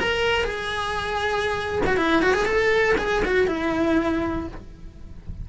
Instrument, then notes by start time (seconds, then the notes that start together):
cello
0.00 A#4
0.45 G#4
1.86 F#4
1.97 E4
2.22 F#4
2.34 G#4
2.45 A4
2.98 G#4
3.25 F#4
3.47 E4